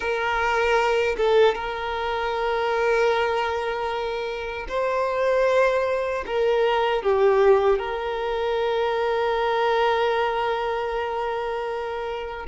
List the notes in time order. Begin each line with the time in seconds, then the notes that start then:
0.00 A#4
1.17 A4
1.54 A#4
4.68 C5
6.26 A#4
7.03 G4
7.79 A#4